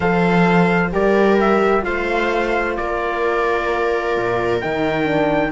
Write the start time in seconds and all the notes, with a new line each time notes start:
0.00 F3 A4 C5 F5
0.92 G3 G4 A#4 D5
1.40 E5
1.82 A3 F4 C5 F5
2.76 A#3 A#4 D5
4.16 A#2
4.60 D#3 D#4 G5
5.04 D4